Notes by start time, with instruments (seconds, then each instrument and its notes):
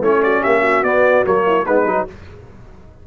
0.00 tuba A3, trombone C#4, horn E4, trumpet C#5
0.22 horn F#4, trumpet D5
0.41 tuba A#3, horn G4, trumpet E5
0.61 horn F#4
0.82 tuba B3, trombone B3, trumpet D5
1.24 tuba F#3, trombone A#3, trumpet C#5
1.46 horn E4
1.65 tuba G#3, trombone B3, horn D#4, trumpet B4
1.85 tuba F#3, trombone D#4